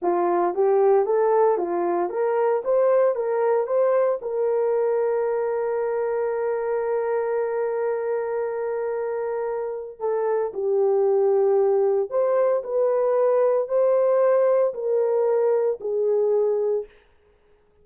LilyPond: \new Staff \with { instrumentName = "horn" } { \time 4/4 \tempo 4 = 114 f'4 g'4 a'4 f'4 | ais'4 c''4 ais'4 c''4 | ais'1~ | ais'1~ |
ais'2. a'4 | g'2. c''4 | b'2 c''2 | ais'2 gis'2 | }